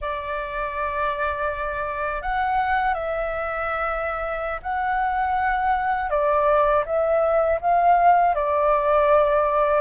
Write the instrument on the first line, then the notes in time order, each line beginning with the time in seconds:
flute
0.01 D5
2.22 F#5
2.94 E5
4.62 F#5
6.09 D5
6.85 E5
7.61 F5
8.35 D5